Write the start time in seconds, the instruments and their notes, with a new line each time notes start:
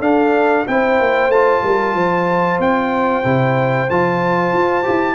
0.00 tuba D4, trombone D4, horn A4, trumpet F5
0.68 tuba C4, trombone E4, horn C5, trumpet G5
1.00 tuba A#3
1.29 tuba A3, trombone F4, trumpet A5
1.63 tuba G3, horn A#4
1.95 tuba F3, horn C5
2.59 tuba C4, trumpet G5
3.24 tuba C3, trombone E4
3.90 tuba F3, trombone F4, trumpet A5
4.53 tuba F4
4.83 tuba E4, trombone G4